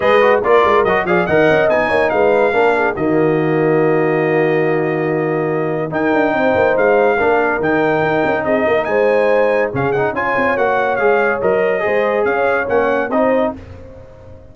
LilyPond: <<
  \new Staff \with { instrumentName = "trumpet" } { \time 4/4 \tempo 4 = 142 dis''4 d''4 dis''8 f''8 fis''4 | gis''4 f''2 dis''4~ | dis''1~ | dis''2 g''2 |
f''2 g''2 | dis''4 gis''2 f''8 fis''8 | gis''4 fis''4 f''4 dis''4~ | dis''4 f''4 fis''4 dis''4 | }
  \new Staff \with { instrumentName = "horn" } { \time 4/4 b'4 ais'4. d''8 dis''4~ | dis''8 cis''8 b'4 ais'8 gis'8 fis'4~ | fis'1~ | fis'2 ais'4 c''4~ |
c''4 ais'2. | gis'8 ais'8 c''2 gis'4 | cis''1 | c''4 cis''2 c''4 | }
  \new Staff \with { instrumentName = "trombone" } { \time 4/4 gis'8 fis'8 f'4 fis'8 gis'8 ais'4 | dis'2 d'4 ais4~ | ais1~ | ais2 dis'2~ |
dis'4 d'4 dis'2~ | dis'2. cis'8 dis'8 | f'4 fis'4 gis'4 ais'4 | gis'2 cis'4 dis'4 | }
  \new Staff \with { instrumentName = "tuba" } { \time 4/4 gis4 ais8 gis8 fis8 f8 dis8 cis'8 | b8 ais8 gis4 ais4 dis4~ | dis1~ | dis2 dis'8 d'8 c'8 ais8 |
gis4 ais4 dis4 dis'8 cis'8 | c'8 ais8 gis2 cis4 | cis'8 c'8 ais4 gis4 fis4 | gis4 cis'4 ais4 c'4 | }
>>